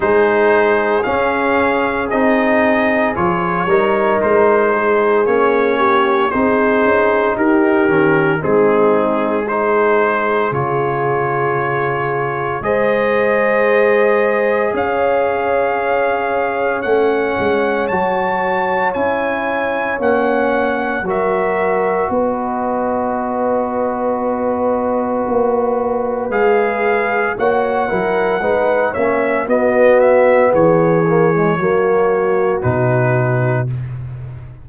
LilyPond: <<
  \new Staff \with { instrumentName = "trumpet" } { \time 4/4 \tempo 4 = 57 c''4 f''4 dis''4 cis''4 | c''4 cis''4 c''4 ais'4 | gis'4 c''4 cis''2 | dis''2 f''2 |
fis''4 a''4 gis''4 fis''4 | e''4 dis''2.~ | dis''4 f''4 fis''4. e''8 | dis''8 e''8 cis''2 b'4 | }
  \new Staff \with { instrumentName = "horn" } { \time 4/4 gis'2.~ gis'8 ais'8~ | ais'8 gis'4 g'8 gis'4 g'4 | dis'4 gis'2. | c''2 cis''2~ |
cis''1 | ais'4 b'2.~ | b'2 cis''8 ais'8 b'8 cis''8 | fis'4 gis'4 fis'2 | }
  \new Staff \with { instrumentName = "trombone" } { \time 4/4 dis'4 cis'4 dis'4 f'8 dis'8~ | dis'4 cis'4 dis'4. cis'8 | c'4 dis'4 f'2 | gis'1 |
cis'4 fis'4 e'4 cis'4 | fis'1~ | fis'4 gis'4 fis'8 e'8 dis'8 cis'8 | b4. ais16 gis16 ais4 dis'4 | }
  \new Staff \with { instrumentName = "tuba" } { \time 4/4 gis4 cis'4 c'4 f8 g8 | gis4 ais4 c'8 cis'8 dis'8 dis8 | gis2 cis2 | gis2 cis'2 |
a8 gis8 fis4 cis'4 ais4 | fis4 b2. | ais4 gis4 ais8 fis8 gis8 ais8 | b4 e4 fis4 b,4 | }
>>